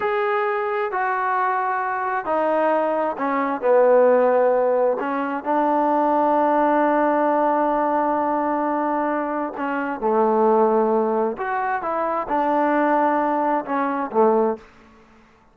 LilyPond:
\new Staff \with { instrumentName = "trombone" } { \time 4/4 \tempo 4 = 132 gis'2 fis'2~ | fis'4 dis'2 cis'4 | b2. cis'4 | d'1~ |
d'1~ | d'4 cis'4 a2~ | a4 fis'4 e'4 d'4~ | d'2 cis'4 a4 | }